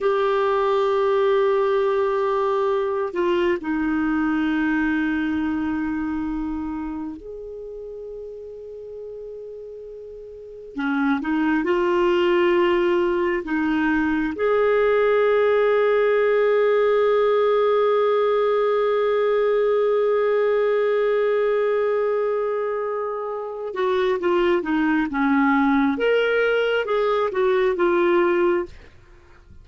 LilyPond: \new Staff \with { instrumentName = "clarinet" } { \time 4/4 \tempo 4 = 67 g'2.~ g'8 f'8 | dis'1 | gis'1 | cis'8 dis'8 f'2 dis'4 |
gis'1~ | gis'1~ | gis'2~ gis'8 fis'8 f'8 dis'8 | cis'4 ais'4 gis'8 fis'8 f'4 | }